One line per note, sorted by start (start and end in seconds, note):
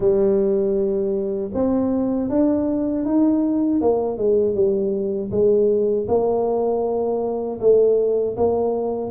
0.00 1.51 G3
1.54 2.29 C4
2.29 3.05 D4
3.05 3.81 D#4
3.81 4.17 A#3
4.17 4.55 G#3
4.55 5.31 G3
5.31 6.07 G#3
6.08 7.59 A#3
7.60 8.36 A3
8.36 9.10 A#3